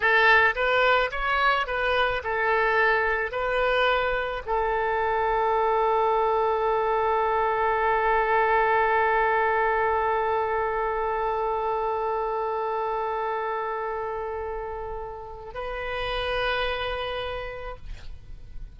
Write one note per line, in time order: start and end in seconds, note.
0.00 0.55 A4
0.55 1.10 B4
1.11 1.66 C#5
1.66 2.22 B4
2.23 3.31 A4
3.31 4.42 B4
4.45 15.54 A4
15.54 17.76 B4